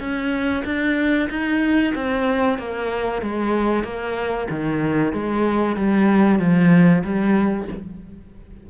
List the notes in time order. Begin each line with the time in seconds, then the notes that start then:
0.00 C#4
0.65 D4
1.30 D#4
1.95 C4
2.59 A#3
3.22 G#3
3.84 A#3
4.50 D#3
5.13 G#3
5.76 G3
6.39 F3
7.04 G3